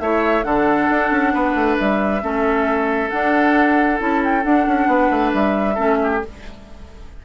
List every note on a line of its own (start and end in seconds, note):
0.00 0.45 A3
0.00 0.43 E4
0.00 0.45 C#5
0.00 0.44 E5
0.43 0.90 D3
0.43 2.21 D4
0.43 1.33 A4
0.43 1.77 F#5
0.90 1.11 D4
1.11 1.33 C#4
1.33 1.55 B3
1.33 2.22 B4
1.55 1.77 A3
1.78 2.23 G3
1.78 3.10 E5
2.22 3.12 A3
2.22 3.11 C#4
2.22 4.89 A4
3.10 3.98 D4
3.10 4.01 D4
3.10 3.99 F#5
3.98 4.45 C#4
3.98 4.43 E4
3.98 4.24 A5
4.24 4.44 G5
4.44 5.76 D4
4.44 4.67 D4
4.44 5.33 F#5
4.67 4.87 C#4
4.87 5.10 B3
4.87 5.75 B4
5.11 5.33 A3
5.34 5.78 G3
5.34 6.23 E5
5.75 6.24 A3
5.75 6.20 C#4
5.75 5.97 A4
6.03 6.26 G4